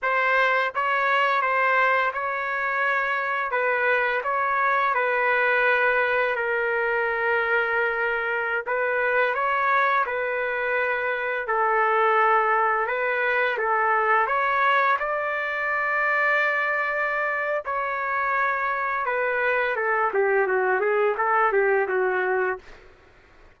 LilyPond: \new Staff \with { instrumentName = "trumpet" } { \time 4/4 \tempo 4 = 85 c''4 cis''4 c''4 cis''4~ | cis''4 b'4 cis''4 b'4~ | b'4 ais'2.~ | ais'16 b'4 cis''4 b'4.~ b'16~ |
b'16 a'2 b'4 a'8.~ | a'16 cis''4 d''2~ d''8.~ | d''4 cis''2 b'4 | a'8 g'8 fis'8 gis'8 a'8 g'8 fis'4 | }